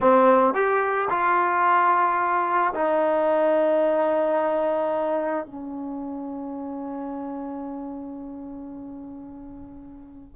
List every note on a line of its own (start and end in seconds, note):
0.00 0.53 C4
0.53 1.08 G4
1.09 2.73 F4
2.73 5.46 D#4
5.46 10.36 C#4